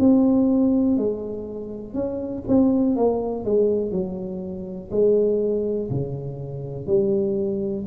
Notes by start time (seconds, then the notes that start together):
0.00 C4
0.97 G#3
1.94 C#4
2.49 C4
2.96 A#3
3.45 G#3
3.92 F#3
4.92 G#3
5.91 C#3
6.87 G3